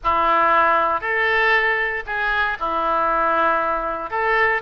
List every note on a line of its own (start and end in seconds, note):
0.03 1.00 E4
1.00 2.03 A4
2.06 2.57 G#4
2.59 4.10 E4
4.10 4.61 A4